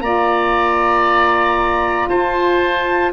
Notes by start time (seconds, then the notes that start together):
0.00 A#3 F4 D5 A#5
2.08 F4 C5 A5